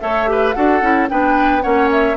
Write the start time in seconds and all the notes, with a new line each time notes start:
0.00 A3 A4 C#5 E5
0.27 G4 B4
0.53 D4 F#4 A4 F#5
0.81 C#4 E4
1.09 B3 D4 B4 G5
1.62 A#3 C#4 C#5 F#5
1.92 E5